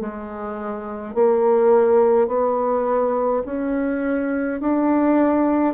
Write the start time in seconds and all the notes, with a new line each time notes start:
0.00 G#3
1.14 A#3
2.27 B3
3.45 C#4
4.60 D4